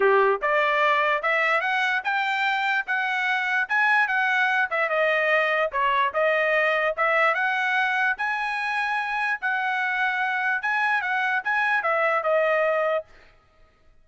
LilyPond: \new Staff \with { instrumentName = "trumpet" } { \time 4/4 \tempo 4 = 147 g'4 d''2 e''4 | fis''4 g''2 fis''4~ | fis''4 gis''4 fis''4. e''8 | dis''2 cis''4 dis''4~ |
dis''4 e''4 fis''2 | gis''2. fis''4~ | fis''2 gis''4 fis''4 | gis''4 e''4 dis''2 | }